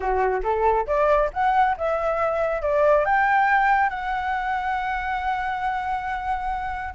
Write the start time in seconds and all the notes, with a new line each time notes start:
0.00 F#4
0.43 A4
0.87 D5
1.33 F#5
1.77 E5
2.62 D5
3.05 G5
3.89 F#5